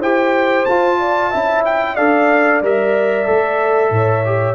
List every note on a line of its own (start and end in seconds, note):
0.00 0.65 E4
0.00 0.67 G4
0.00 0.98 C5
0.00 0.65 G5
0.65 1.34 F4
0.65 1.33 F4
0.65 1.63 A5
1.00 1.30 D5
1.30 1.98 C#4
1.30 1.97 E4
1.30 1.95 E5
1.65 1.96 G5
1.95 2.62 D4
1.95 2.62 A4
1.95 3.91 D5
1.95 2.61 F5
2.62 3.27 G3
2.62 3.26 A#4
2.62 4.55 E5
3.26 3.90 A3
3.26 4.24 A4
3.90 4.55 A2
3.90 4.55 C#5
4.25 4.55 G4